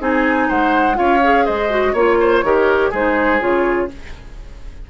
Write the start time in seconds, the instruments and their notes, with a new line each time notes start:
0.00 bassoon C4, clarinet D#4, oboe G#4, flute G#5
0.48 bassoon G#3, oboe C5, flute F#5
0.95 bassoon C#4, clarinet F4, oboe C#5, flute F5
1.23 clarinet G#4
1.45 bassoon G#3, oboe C5, flute D#5
1.70 clarinet F#4
1.93 bassoon A#3, clarinet F4, oboe C#5, flute C#5
2.20 oboe C5
2.43 bassoon D#3, clarinet G4, oboe A#4
2.90 bassoon G#3, clarinet D#4, oboe G#4, flute C5
3.40 bassoon C#3, clarinet F4, flute C#5